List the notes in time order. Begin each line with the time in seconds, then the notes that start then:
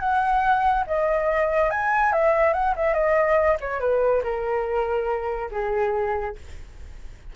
0.00 F#5
0.87 D#5
1.71 G#5
2.13 E5
2.54 F#5
2.76 E5
2.94 D#5
3.60 C#5
3.80 B4
4.23 A#4
5.51 G#4